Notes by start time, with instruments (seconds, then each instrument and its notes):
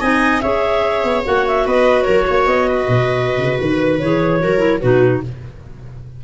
0.00 tuba C4, clarinet D#4 G#5, viola D#5
0.40 tuba C#4, clarinet G#4 E5, viola C#5
1.03 tuba B3
1.24 tuba A#3, clarinet F#4 F#5
1.47 clarinet E5
1.66 tuba B3, viola B4, clarinet D#5
2.02 tuba F#3, viola A#4, clarinet C#5
2.27 tuba A#3, viola C#5
2.46 tuba B3, clarinet D#5
2.68 viola B4
2.88 tuba B2
3.38 tuba C#3
3.60 tuba D#3, clarinet B4
3.99 tuba E3, clarinet G#4 C#5
4.40 tuba F#3, clarinet F#4, viola A#4
4.58 clarinet E4
4.80 tuba B2, clarinet D#4 B4, viola F#4